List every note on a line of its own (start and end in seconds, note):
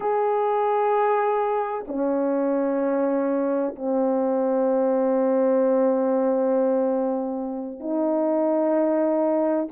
0.00 1.84 G#4
1.87 3.75 C#4
3.75 7.80 C4
7.80 9.67 D#4